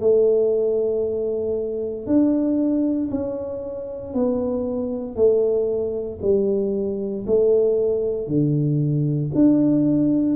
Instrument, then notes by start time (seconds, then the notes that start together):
tuba
0.00 A3
2.06 D4
3.10 C#4
4.14 B3
5.15 A3
6.22 G3
7.26 A3
8.27 D3
9.34 D4